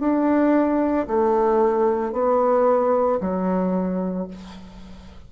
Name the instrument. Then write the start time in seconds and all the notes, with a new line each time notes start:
bassoon
0.00 D4
1.07 A3
2.12 B3
3.20 F#3